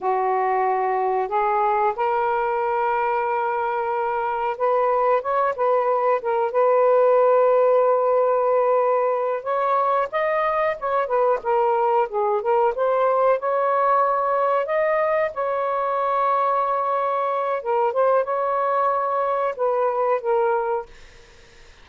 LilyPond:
\new Staff \with { instrumentName = "saxophone" } { \time 4/4 \tempo 4 = 92 fis'2 gis'4 ais'4~ | ais'2. b'4 | cis''8 b'4 ais'8 b'2~ | b'2~ b'8 cis''4 dis''8~ |
dis''8 cis''8 b'8 ais'4 gis'8 ais'8 c''8~ | c''8 cis''2 dis''4 cis''8~ | cis''2. ais'8 c''8 | cis''2 b'4 ais'4 | }